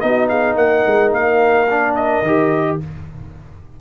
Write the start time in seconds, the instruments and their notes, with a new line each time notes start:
0.00 tuba B3, trombone D#4, horn F#4, trumpet D#5
0.29 horn G#4, trumpet F5
0.56 tuba A#3, horn A#4, trumpet F#5
0.87 tuba G#3
1.12 tuba A#3, trumpet F5
1.70 trombone D4
1.95 trumpet D#5
2.22 tuba D#3, trombone G4